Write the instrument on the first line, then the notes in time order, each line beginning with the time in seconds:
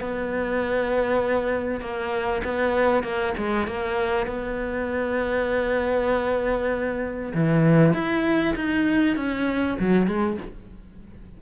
cello
0.00 B3
1.80 A#3
2.44 B3
3.03 A#3
3.37 G#3
3.67 A#3
4.26 B3
7.34 E3
7.93 E4
8.55 D#4
9.16 C#4
9.79 F#3
10.07 G#3